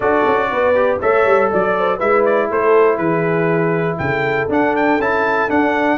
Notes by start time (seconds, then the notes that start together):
0.00 D4 F#4 A4 D5
0.26 C#4
0.50 B3 B4
0.75 G4
1.00 A3 A4 C#5 E5
1.25 G3
1.50 F#3 D5
1.78 C5
1.97 G#3 E4 B4 E5
2.25 D5
2.50 A3 A4 C5
2.96 E3 G#4 B4
3.98 C#3 A4 G5
4.48 D4 F#5
4.76 G5
4.99 C#4 E4 A5
5.48 D4 F#5